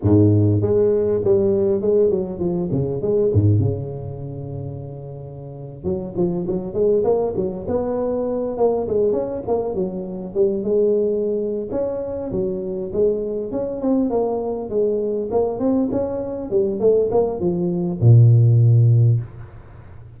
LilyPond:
\new Staff \with { instrumentName = "tuba" } { \time 4/4 \tempo 4 = 100 gis,4 gis4 g4 gis8 fis8 | f8 cis8 gis8 gis,8 cis2~ | cis4.~ cis16 fis8 f8 fis8 gis8 ais16~ | ais16 fis8 b4. ais8 gis8 cis'8 ais16~ |
ais16 fis4 g8 gis4.~ gis16 cis'8~ | cis'8 fis4 gis4 cis'8 c'8 ais8~ | ais8 gis4 ais8 c'8 cis'4 g8 | a8 ais8 f4 ais,2 | }